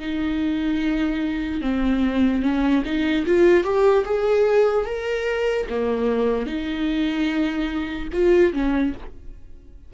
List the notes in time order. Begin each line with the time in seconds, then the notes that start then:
0.00 D#4
1.62 C4
2.43 C#4
2.85 D#4
3.27 F4
3.64 G4
4.05 G#4
4.86 A#4
5.70 A#3
6.46 D#4
8.13 F4
8.53 C#4